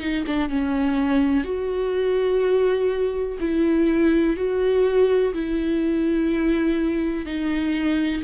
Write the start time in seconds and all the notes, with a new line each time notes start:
0.00 D#4
0.26 D4
0.49 C#4
1.43 F#4
3.40 E4
4.36 F#4
5.33 E4
7.25 D#4